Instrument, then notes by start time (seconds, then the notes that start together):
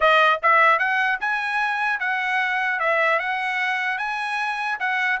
trumpet
0.00 D#5
0.42 E5
0.78 F#5
1.20 G#5
1.99 F#5
2.79 E5
3.19 F#5
3.97 G#5
4.79 F#5